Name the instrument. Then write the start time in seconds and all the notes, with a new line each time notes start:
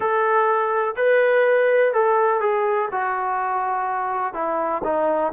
trombone
0.00 A4
0.96 B4
1.93 A4
2.40 G#4
2.91 F#4
4.33 E4
4.83 D#4